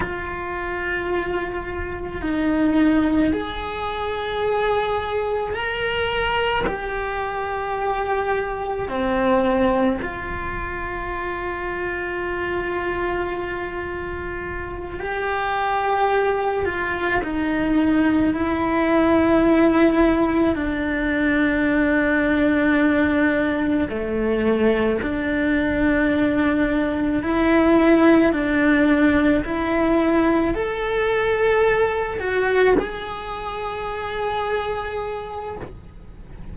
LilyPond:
\new Staff \with { instrumentName = "cello" } { \time 4/4 \tempo 4 = 54 f'2 dis'4 gis'4~ | gis'4 ais'4 g'2 | c'4 f'2.~ | f'4. g'4. f'8 dis'8~ |
dis'8 e'2 d'4.~ | d'4. a4 d'4.~ | d'8 e'4 d'4 e'4 a'8~ | a'4 fis'8 gis'2~ gis'8 | }